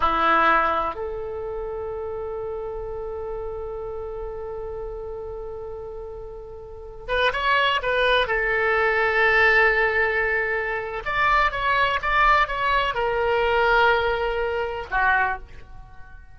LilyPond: \new Staff \with { instrumentName = "oboe" } { \time 4/4 \tempo 4 = 125 e'2 a'2~ | a'1~ | a'1~ | a'2~ a'8. b'8 cis''8.~ |
cis''16 b'4 a'2~ a'8.~ | a'2. d''4 | cis''4 d''4 cis''4 ais'4~ | ais'2. fis'4 | }